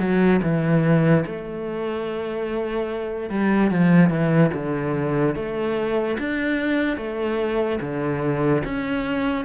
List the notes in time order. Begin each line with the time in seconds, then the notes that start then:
0.00 F#3
0.43 E3
1.26 A3
3.30 G3
3.71 F3
4.10 E3
4.54 D3
5.36 A3
6.19 D4
6.98 A3
7.81 D3
8.65 C#4